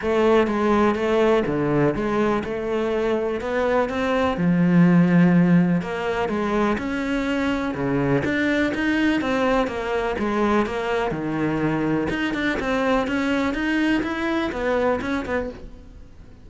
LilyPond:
\new Staff \with { instrumentName = "cello" } { \time 4/4 \tempo 4 = 124 a4 gis4 a4 d4 | gis4 a2 b4 | c'4 f2. | ais4 gis4 cis'2 |
cis4 d'4 dis'4 c'4 | ais4 gis4 ais4 dis4~ | dis4 dis'8 d'8 c'4 cis'4 | dis'4 e'4 b4 cis'8 b8 | }